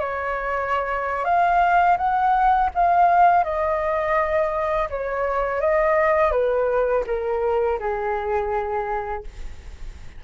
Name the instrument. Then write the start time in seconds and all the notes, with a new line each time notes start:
flute
0.00 C#5
1.25 F5
1.98 F#5
2.75 F5
3.44 D#5
4.90 C#5
5.61 D#5
6.32 B4
7.07 A#4
7.80 G#4